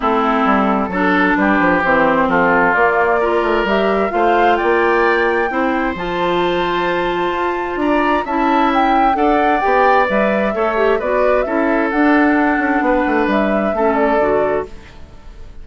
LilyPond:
<<
  \new Staff \with { instrumentName = "flute" } { \time 4/4 \tempo 4 = 131 a'2. b'4 | c''4 a'4 d''2 | e''4 f''4 g''2~ | g''4 a''2.~ |
a''4 ais''4 a''4 g''4 | fis''4 g''4 e''2 | d''4 e''4 fis''2~ | fis''4 e''4. d''4. | }
  \new Staff \with { instrumentName = "oboe" } { \time 4/4 e'2 a'4 g'4~ | g'4 f'2 ais'4~ | ais'4 c''4 d''2 | c''1~ |
c''4 d''4 e''2 | d''2. cis''4 | b'4 a'2. | b'2 a'2 | }
  \new Staff \with { instrumentName = "clarinet" } { \time 4/4 c'2 d'2 | c'2 ais4 f'4 | g'4 f'2. | e'4 f'2.~ |
f'2 e'2 | a'4 g'4 b'4 a'8 g'8 | fis'4 e'4 d'2~ | d'2 cis'4 fis'4 | }
  \new Staff \with { instrumentName = "bassoon" } { \time 4/4 a4 g4 fis4 g8 f8 | e4 f4 ais4. a8 | g4 a4 ais2 | c'4 f2. |
f'4 d'4 cis'2 | d'4 b4 g4 a4 | b4 cis'4 d'4. cis'8 | b8 a8 g4 a4 d4 | }
>>